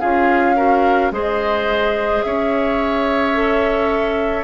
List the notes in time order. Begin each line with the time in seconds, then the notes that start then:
0.00 C#4 F4 G#4 F5
0.56 F#4 A#4
1.11 G#3 G#4 C5 D#5
2.22 C#4 C#5 E5
3.34 A4